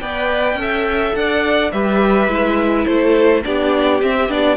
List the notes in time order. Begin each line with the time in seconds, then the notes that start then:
0.00 B3 B4 D5 G5
0.54 C#4 A4
0.61 E5
1.15 D4 D5 F#5
1.72 G3 G4 B4 E5
2.28 G#3 E4
2.86 A3 A4 C5
3.43 B3 D4 G4 D5
4.01 C4 E5
4.29 B3 D4 D5